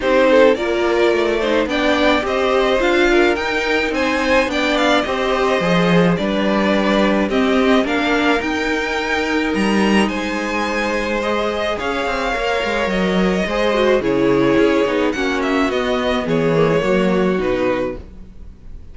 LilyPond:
<<
  \new Staff \with { instrumentName = "violin" } { \time 4/4 \tempo 4 = 107 c''4 d''2 g''4 | dis''4 f''4 g''4 gis''4 | g''8 f''8 dis''2 d''4~ | d''4 dis''4 f''4 g''4~ |
g''4 ais''4 gis''2 | dis''4 f''2 dis''4~ | dis''4 cis''2 fis''8 e''8 | dis''4 cis''2 b'4 | }
  \new Staff \with { instrumentName = "violin" } { \time 4/4 g'8 a'8 ais'4. c''8 d''4 | c''4. ais'4. c''4 | d''4 c''2 b'4~ | b'4 g'4 ais'2~ |
ais'2 c''2~ | c''4 cis''2. | c''4 gis'2 fis'4~ | fis'4 gis'4 fis'2 | }
  \new Staff \with { instrumentName = "viola" } { \time 4/4 dis'4 f'4. dis'8 d'4 | g'4 f'4 dis'2 | d'4 g'4 gis'4 d'4~ | d'4 c'4 d'4 dis'4~ |
dis'1 | gis'2 ais'2 | gis'8 fis'8 e'4. dis'8 cis'4 | b4. ais16 gis16 ais4 dis'4 | }
  \new Staff \with { instrumentName = "cello" } { \time 4/4 c'4 ais4 a4 b4 | c'4 d'4 dis'4 c'4 | b4 c'4 f4 g4~ | g4 c'4 ais4 dis'4~ |
dis'4 g4 gis2~ | gis4 cis'8 c'8 ais8 gis8 fis4 | gis4 cis4 cis'8 b8 ais4 | b4 e4 fis4 b,4 | }
>>